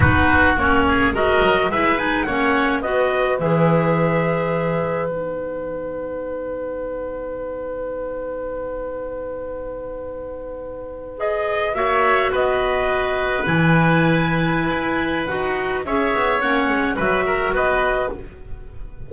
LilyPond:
<<
  \new Staff \with { instrumentName = "trumpet" } { \time 4/4 \tempo 4 = 106 b'4 cis''4 dis''4 e''8 gis''8 | fis''4 dis''4 e''2~ | e''4 fis''2.~ | fis''1~ |
fis''2.~ fis''8. dis''16~ | dis''8. e''4 dis''2 gis''16~ | gis''2. fis''4 | e''4 fis''4 e''4 dis''4 | }
  \new Staff \with { instrumentName = "oboe" } { \time 4/4 fis'4. gis'8 ais'4 b'4 | cis''4 b'2.~ | b'1~ | b'1~ |
b'1~ | b'8. cis''4 b'2~ b'16~ | b'1 | cis''2 b'8 ais'8 b'4 | }
  \new Staff \with { instrumentName = "clarinet" } { \time 4/4 dis'4 cis'4 fis'4 e'8 dis'8 | cis'4 fis'4 gis'2~ | gis'4 dis'2.~ | dis'1~ |
dis'2.~ dis'8. gis'16~ | gis'8. fis'2. e'16~ | e'2. fis'4 | gis'4 cis'4 fis'2 | }
  \new Staff \with { instrumentName = "double bass" } { \time 4/4 b4 ais4 gis8 fis8 gis4 | ais4 b4 e2~ | e4 b2.~ | b1~ |
b1~ | b8. ais4 b2 e16~ | e2 e'4 dis'4 | cis'8 b8 ais8 gis8 fis4 b4 | }
>>